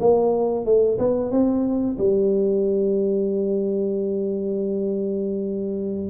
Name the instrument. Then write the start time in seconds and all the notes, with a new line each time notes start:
tuba
0.00 A#3
0.65 A3
0.99 B3
1.31 C4
1.98 G3